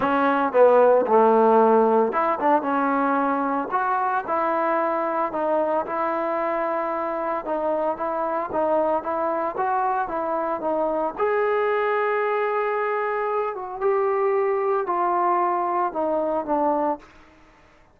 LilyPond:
\new Staff \with { instrumentName = "trombone" } { \time 4/4 \tempo 4 = 113 cis'4 b4 a2 | e'8 d'8 cis'2 fis'4 | e'2 dis'4 e'4~ | e'2 dis'4 e'4 |
dis'4 e'4 fis'4 e'4 | dis'4 gis'2.~ | gis'4. fis'8 g'2 | f'2 dis'4 d'4 | }